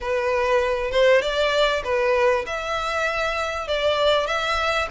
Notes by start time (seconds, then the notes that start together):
0.00 B4
0.91 C5
1.21 D5
1.84 B4
2.46 E5
3.67 D5
4.26 E5